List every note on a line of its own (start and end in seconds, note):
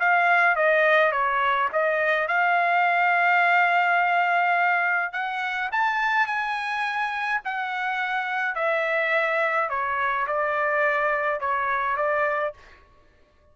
0.00 0.56 F5
0.56 1.12 D#5
1.12 1.69 C#5
1.73 2.28 D#5
2.28 5.13 F5
5.13 5.70 F#5
5.72 6.27 A5
6.27 7.41 G#5
7.45 8.56 F#5
8.56 9.70 E5
9.70 10.27 C#5
10.27 11.41 D5
11.41 11.97 C#5
11.97 12.54 D5